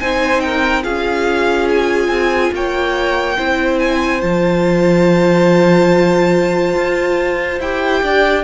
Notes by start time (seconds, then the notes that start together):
0.00 C4 D#4 C5 G#5
0.40 A#4 G5
0.83 C#4 F4 G#4 F5
1.69 G#5
2.08 C4
2.53 A#3 C#5 G5
3.38 C4 E4 C5
3.79 G#5
4.21 F3 F4 A5
6.76 F4
7.60 E4 G4 G5
8.03 D4 D5